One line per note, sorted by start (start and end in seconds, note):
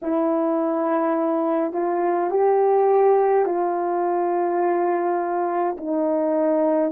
0.02 1.73 E4
1.73 2.30 F4
2.30 3.45 G4
3.45 5.76 F4
5.77 6.92 D#4